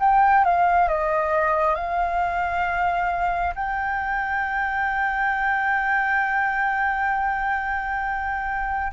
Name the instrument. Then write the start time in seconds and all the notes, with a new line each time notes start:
flute
0.00 G5
0.45 F5
0.89 D#5
1.75 F5
3.55 G5